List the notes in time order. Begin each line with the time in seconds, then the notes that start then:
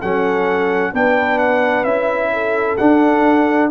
0.00 F#3 C#4 A4 F#5
0.93 B3 D4 B4 G5
1.39 F#5
1.84 C#4 E4 E5
2.33 A4
2.78 D4 F#5